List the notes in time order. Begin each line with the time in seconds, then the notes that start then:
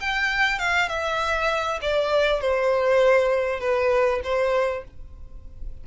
0.00 G5
0.59 F5
0.89 E5
1.82 D5
2.40 C5
3.60 B4
4.23 C5